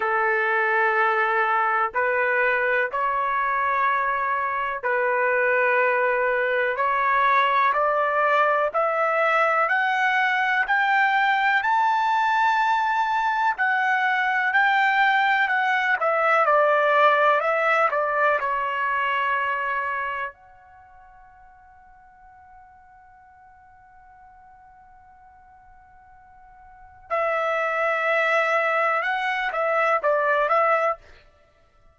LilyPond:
\new Staff \with { instrumentName = "trumpet" } { \time 4/4 \tempo 4 = 62 a'2 b'4 cis''4~ | cis''4 b'2 cis''4 | d''4 e''4 fis''4 g''4 | a''2 fis''4 g''4 |
fis''8 e''8 d''4 e''8 d''8 cis''4~ | cis''4 fis''2.~ | fis''1 | e''2 fis''8 e''8 d''8 e''8 | }